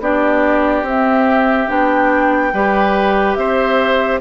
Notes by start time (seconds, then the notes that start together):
0.00 B3 D4 G4 D5
0.82 C4 E5
1.68 B3 D4 G5
2.53 G3 G4 B4
3.35 C4 C5 E5